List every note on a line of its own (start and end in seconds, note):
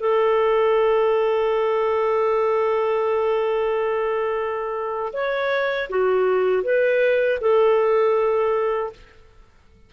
0.00 5.13 A4
5.13 5.89 C#5
5.90 6.63 F#4
6.63 7.39 B4
7.41 8.93 A4